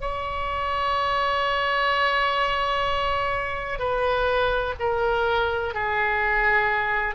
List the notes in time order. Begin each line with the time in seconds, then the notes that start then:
0.00 C#5
3.78 B4
4.79 A#4
5.74 G#4